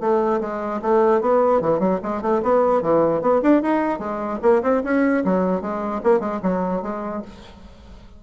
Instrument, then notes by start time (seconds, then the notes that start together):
bassoon
0.00 A3
0.40 G#3
0.82 A3
1.21 B3
1.61 E3
1.79 F#3
2.02 G#3
2.21 A3
2.42 B3
2.81 E3
3.21 B3
3.42 D4
3.62 D#4
3.99 G#3
4.42 A#3
4.62 C4
4.83 C#4
5.24 F#3
5.61 G#3
6.03 A#3
6.19 G#3
6.42 F#3
6.82 G#3